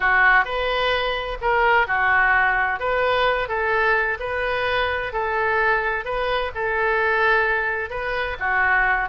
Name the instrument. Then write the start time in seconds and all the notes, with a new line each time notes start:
oboe
0.00 F#4
0.45 B4
1.41 A#4
1.87 F#4
2.79 B4
3.48 A4
4.19 B4
5.12 A4
6.04 B4
6.54 A4
7.90 B4
8.39 F#4